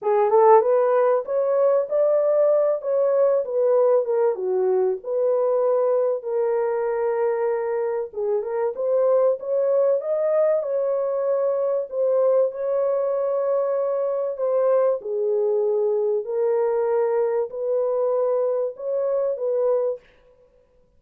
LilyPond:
\new Staff \with { instrumentName = "horn" } { \time 4/4 \tempo 4 = 96 gis'8 a'8 b'4 cis''4 d''4~ | d''8 cis''4 b'4 ais'8 fis'4 | b'2 ais'2~ | ais'4 gis'8 ais'8 c''4 cis''4 |
dis''4 cis''2 c''4 | cis''2. c''4 | gis'2 ais'2 | b'2 cis''4 b'4 | }